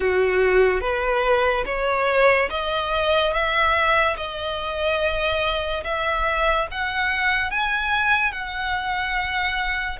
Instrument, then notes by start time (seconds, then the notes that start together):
violin
0.00 F#4
0.81 B4
1.65 C#5
2.50 D#5
3.33 E5
4.17 D#5
5.83 E5
6.71 F#5
7.50 G#5
8.31 F#5